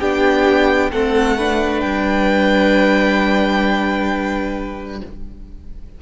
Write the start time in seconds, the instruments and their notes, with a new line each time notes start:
0.00 cello B3, viola D4, violin G4 G5
0.92 cello A3, viola C4, violin A4 F#5
1.37 viola D4, violin B4
1.80 cello G3, violin G5